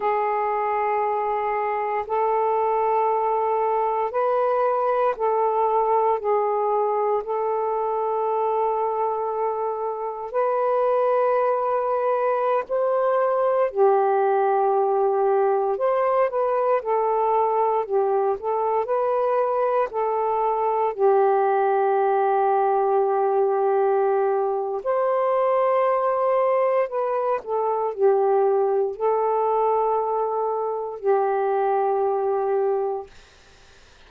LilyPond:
\new Staff \with { instrumentName = "saxophone" } { \time 4/4 \tempo 4 = 58 gis'2 a'2 | b'4 a'4 gis'4 a'4~ | a'2 b'2~ | b'16 c''4 g'2 c''8 b'16~ |
b'16 a'4 g'8 a'8 b'4 a'8.~ | a'16 g'2.~ g'8. | c''2 b'8 a'8 g'4 | a'2 g'2 | }